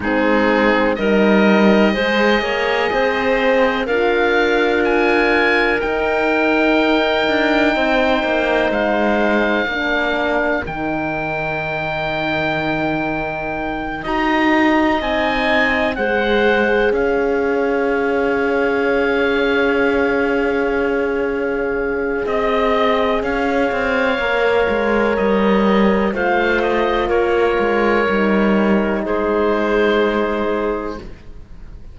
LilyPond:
<<
  \new Staff \with { instrumentName = "oboe" } { \time 4/4 \tempo 4 = 62 gis'4 dis''2. | f''4 gis''4 g''2~ | g''4 f''2 g''4~ | g''2~ g''8 ais''4 gis''8~ |
gis''8 fis''4 f''2~ f''8~ | f''2. dis''4 | f''2 dis''4 f''8 dis''8 | cis''2 c''2 | }
  \new Staff \with { instrumentName = "clarinet" } { \time 4/4 dis'4 ais'4 c''8 cis''8 c''4 | ais'1 | c''2 ais'2~ | ais'2~ ais'8 dis''4.~ |
dis''8 c''4 cis''2~ cis''8~ | cis''2. dis''4 | cis''2. c''4 | ais'2 gis'2 | }
  \new Staff \with { instrumentName = "horn" } { \time 4/4 c'4 dis'4 gis'2 | f'2 dis'2~ | dis'2 d'4 dis'4~ | dis'2~ dis'8 fis'4 dis'8~ |
dis'8 gis'2.~ gis'8~ | gis'1~ | gis'4 ais'2 f'4~ | f'4 dis'2. | }
  \new Staff \with { instrumentName = "cello" } { \time 4/4 gis4 g4 gis8 ais8 c'4 | d'2 dis'4. d'8 | c'8 ais8 gis4 ais4 dis4~ | dis2~ dis8 dis'4 c'8~ |
c'8 gis4 cis'2~ cis'8~ | cis'2. c'4 | cis'8 c'8 ais8 gis8 g4 a4 | ais8 gis8 g4 gis2 | }
>>